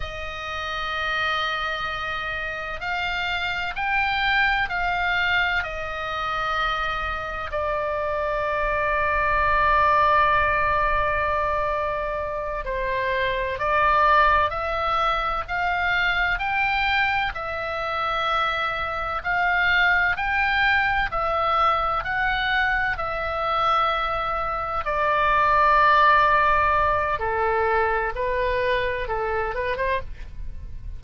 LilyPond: \new Staff \with { instrumentName = "oboe" } { \time 4/4 \tempo 4 = 64 dis''2. f''4 | g''4 f''4 dis''2 | d''1~ | d''4. c''4 d''4 e''8~ |
e''8 f''4 g''4 e''4.~ | e''8 f''4 g''4 e''4 fis''8~ | fis''8 e''2 d''4.~ | d''4 a'4 b'4 a'8 b'16 c''16 | }